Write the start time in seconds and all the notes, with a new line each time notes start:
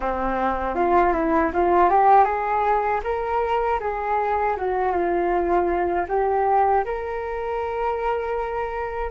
0.00 C4
0.75 F4
1.13 E4
1.53 F4
1.89 G4
2.24 G#4
3.03 A#4
3.80 G#4
4.56 F#4
4.92 F4
6.08 G4
6.84 A#4